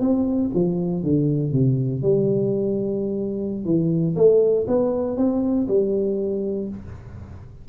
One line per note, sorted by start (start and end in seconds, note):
0.00 0.50 C4
0.54 1.03 F3
1.03 1.52 D3
1.52 2.02 C3
2.02 3.65 G3
3.65 4.15 E3
4.15 4.66 A3
4.67 5.17 B3
5.17 5.67 C4
5.68 6.69 G3